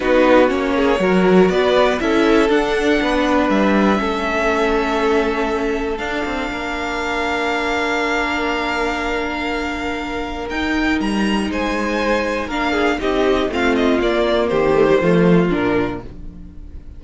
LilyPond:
<<
  \new Staff \with { instrumentName = "violin" } { \time 4/4 \tempo 4 = 120 b'4 cis''2 d''4 | e''4 fis''2 e''4~ | e''1 | f''1~ |
f''1~ | f''4 g''4 ais''4 gis''4~ | gis''4 f''4 dis''4 f''8 dis''8 | d''4 c''2 ais'4 | }
  \new Staff \with { instrumentName = "violin" } { \time 4/4 fis'4. gis'8 ais'4 b'4 | a'2 b'2 | a'1~ | a'4 ais'2.~ |
ais'1~ | ais'2. c''4~ | c''4 ais'8 gis'8 g'4 f'4~ | f'4 g'4 f'2 | }
  \new Staff \with { instrumentName = "viola" } { \time 4/4 dis'4 cis'4 fis'2 | e'4 d'2. | cis'1 | d'1~ |
d'1~ | d'4 dis'2.~ | dis'4 d'4 dis'4 c'4 | ais4. a16 g16 a4 d'4 | }
  \new Staff \with { instrumentName = "cello" } { \time 4/4 b4 ais4 fis4 b4 | cis'4 d'4 b4 g4 | a1 | d'8 c'8 ais2.~ |
ais1~ | ais4 dis'4 g4 gis4~ | gis4 ais4 c'4 a4 | ais4 dis4 f4 ais,4 | }
>>